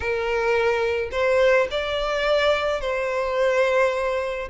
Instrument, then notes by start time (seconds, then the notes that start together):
violin
0.00 A#4
1.11 C5
1.71 D5
2.80 C5